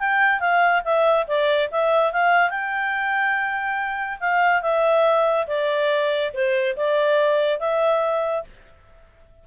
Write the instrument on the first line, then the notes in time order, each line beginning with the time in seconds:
clarinet
0.00 G5
0.40 F5
0.85 E5
1.28 D5
1.72 E5
2.13 F5
2.50 G5
4.20 F5
4.62 E5
5.48 D5
6.34 C5
6.77 D5
7.60 E5